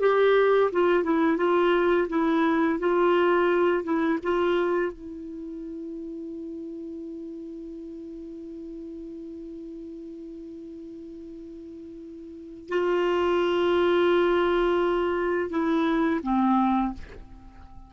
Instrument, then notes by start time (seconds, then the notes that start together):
clarinet
0.00 G4
0.72 F4
1.04 E4
1.37 F4
2.09 E4
2.79 F4
3.84 E4
4.23 F4
4.92 E4
12.69 F4
15.50 E4
16.23 C4